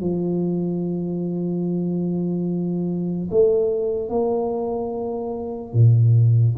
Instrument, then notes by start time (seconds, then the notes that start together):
tuba
0.00 F3
3.31 A3
4.09 A#3
5.73 A#2